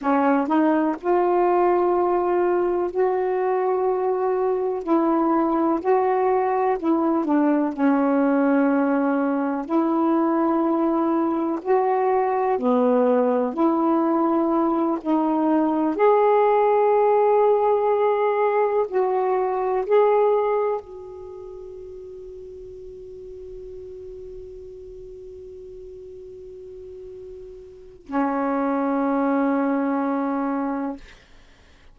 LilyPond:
\new Staff \with { instrumentName = "saxophone" } { \time 4/4 \tempo 4 = 62 cis'8 dis'8 f'2 fis'4~ | fis'4 e'4 fis'4 e'8 d'8 | cis'2 e'2 | fis'4 b4 e'4. dis'8~ |
dis'8 gis'2. fis'8~ | fis'8 gis'4 fis'2~ fis'8~ | fis'1~ | fis'4 cis'2. | }